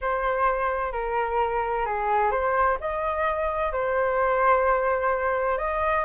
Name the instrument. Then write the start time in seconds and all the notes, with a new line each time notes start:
flute
0.01 C5
0.92 A#4
1.85 G#4
2.31 C5
2.80 D#5
3.72 C5
5.58 D#5